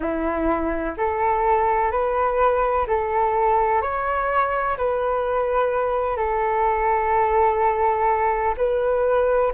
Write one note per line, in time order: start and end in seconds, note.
0.00 0.95 E4
0.97 1.91 A4
1.91 2.86 B4
2.87 3.81 A4
3.81 4.77 C#5
4.77 6.16 B4
6.16 8.55 A4
8.57 9.52 B4